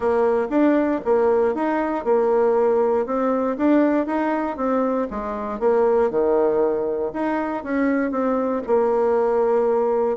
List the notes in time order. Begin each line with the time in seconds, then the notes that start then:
0.00 A#3
0.49 D4
1.04 A#3
1.54 D#4
2.04 A#3
3.06 C4
3.57 D4
4.06 D#4
4.56 C4
5.10 G#3
5.59 A#3
6.10 D#3
7.13 D#4
7.63 C#4
8.11 C4
8.66 A#3